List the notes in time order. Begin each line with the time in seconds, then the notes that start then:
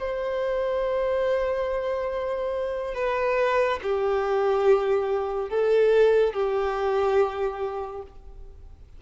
0.00 C5
2.95 B4
3.83 G4
5.50 A4
6.34 G4